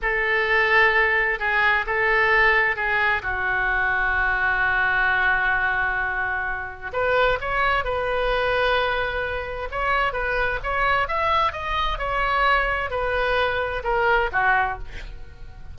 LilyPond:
\new Staff \with { instrumentName = "oboe" } { \time 4/4 \tempo 4 = 130 a'2. gis'4 | a'2 gis'4 fis'4~ | fis'1~ | fis'2. b'4 |
cis''4 b'2.~ | b'4 cis''4 b'4 cis''4 | e''4 dis''4 cis''2 | b'2 ais'4 fis'4 | }